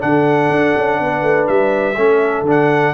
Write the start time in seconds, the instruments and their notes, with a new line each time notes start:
0.00 tuba D3, trombone D4, horn A4, trumpet F#5
0.50 tuba D4
0.77 tuba C#4
1.01 tuba B3, horn B4
1.23 tuba A3
1.48 tuba G3, trumpet E5
1.97 tuba A3, trombone C#4, horn A4
2.42 tuba D3, trombone D4
2.51 trumpet F#5